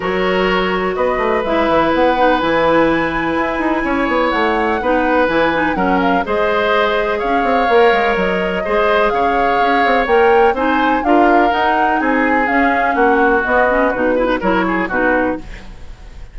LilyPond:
<<
  \new Staff \with { instrumentName = "flute" } { \time 4/4 \tempo 4 = 125 cis''2 dis''4 e''4 | fis''4 gis''2.~ | gis''4 fis''2 gis''4 | fis''8 f''8 dis''2 f''4~ |
f''4 dis''2 f''4~ | f''4 g''4 gis''4 f''4 | fis''4 gis''4 f''4 fis''4 | dis''4 b'4 cis''4 b'4 | }
  \new Staff \with { instrumentName = "oboe" } { \time 4/4 ais'2 b'2~ | b'1 | cis''2 b'2 | ais'4 c''2 cis''4~ |
cis''2 c''4 cis''4~ | cis''2 c''4 ais'4~ | ais'4 gis'2 fis'4~ | fis'4. b'8 ais'8 gis'8 fis'4 | }
  \new Staff \with { instrumentName = "clarinet" } { \time 4/4 fis'2. e'4~ | e'8 dis'8 e'2.~ | e'2 dis'4 e'8 dis'8 | cis'4 gis'2. |
ais'2 gis'2~ | gis'4 ais'4 dis'4 f'4 | dis'2 cis'2 | b8 cis'8 dis'8 e'16 dis'16 e'4 dis'4 | }
  \new Staff \with { instrumentName = "bassoon" } { \time 4/4 fis2 b8 a8 gis8 e8 | b4 e2 e'8 dis'8 | cis'8 b8 a4 b4 e4 | fis4 gis2 cis'8 c'8 |
ais8 gis8 fis4 gis4 cis4 | cis'8 c'8 ais4 c'4 d'4 | dis'4 c'4 cis'4 ais4 | b4 b,4 fis4 b,4 | }
>>